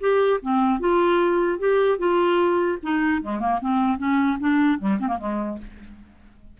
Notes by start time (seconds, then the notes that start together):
0.00 G4
0.41 C4
0.79 F4
1.59 G4
1.98 F4
2.82 D#4
3.21 G#3
3.39 A#3
3.61 C4
3.98 C#4
4.40 D4
4.78 G3
5.00 C4
5.07 A#3
5.18 G#3